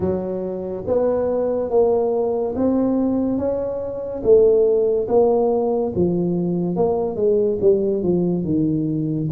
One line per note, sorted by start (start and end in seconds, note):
0.00 0.84 F#3
0.86 1.69 B3
1.69 2.54 A#3
2.55 3.38 C4
3.38 4.22 C#4
4.23 5.07 A3
5.08 5.92 A#3
5.95 6.76 F3
6.76 7.16 A#3
7.16 7.58 G#3
7.61 8.02 G3
8.02 8.44 F3
8.44 9.29 D#3